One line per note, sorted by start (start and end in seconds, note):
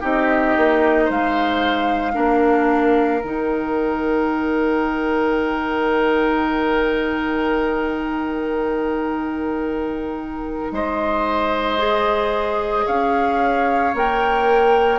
0.00 0.56 C4
0.00 2.12 D#4
0.00 1.04 G4
0.00 1.10 D#5
0.56 1.09 A#3
1.04 2.16 G#3
1.04 2.12 C5
1.04 3.23 F5
2.12 3.23 A#3
2.12 3.19 D4
2.12 10.71 A#4
3.23 10.71 D#3
3.23 11.78 D#4
3.23 10.73 G5
10.71 12.85 G#3
10.71 12.85 C5
10.71 12.87 D#5
11.78 13.92 G#4
12.85 13.94 C#4
12.85 14.99 C#5
12.85 13.94 F5
13.94 14.99 A#3
13.94 14.99 A#4
13.94 14.99 G5